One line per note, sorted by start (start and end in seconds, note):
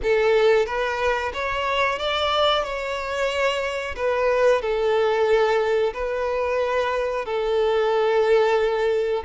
0.02 0.66 A4
0.66 1.32 B4
1.33 1.98 C#5
1.98 2.63 D5
2.63 3.95 C#5
3.96 4.61 B4
4.61 5.93 A4
5.93 7.25 B4
7.25 9.23 A4